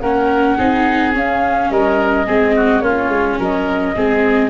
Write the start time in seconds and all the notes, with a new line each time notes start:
0.00 A#3 C#4 A#4 F#5
0.57 C4 D#4 G#4
1.12 C#4 F5
1.70 G3 A#4 D#5
2.26 G#3 C4 G#4
2.55 F#4
2.80 A#3 C#4 F4 C#5
3.08 G#3
3.39 F#3 A#4 D#5
3.95 G#3 C4 G#4